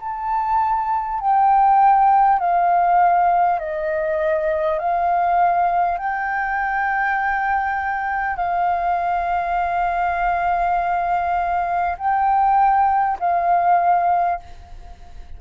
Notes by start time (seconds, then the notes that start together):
0.00 A5
1.20 G5
2.39 F5
3.59 D#5
4.78 F5
5.98 G5
8.36 F5
11.98 G5
13.19 F5